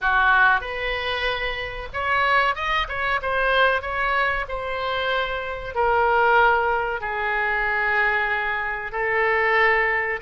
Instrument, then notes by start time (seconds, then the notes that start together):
oboe
0.01 F#4
0.61 B4
1.93 C#5
2.55 D#5
2.88 C#5
3.22 C5
3.81 C#5
4.48 C5
5.74 A#4
7.00 G#4
8.92 A4